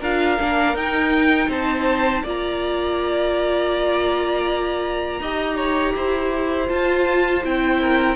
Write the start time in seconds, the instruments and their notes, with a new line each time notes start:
0.00 cello D4, viola F4, violin A#4 F5
0.38 cello A#3, viola D4
0.73 cello D#4, viola D#4, violin G5
1.48 cello C4, violin C5 A5
2.23 cello A#3, viola F4, violin D5 A#5
5.19 cello D#4, viola G4, violin D#5
5.56 violin C#5
5.95 cello E4, violin C5
6.67 viola F4, cello F4, violin A5
7.43 cello C4, viola E4, violin G5
7.80 violin A#4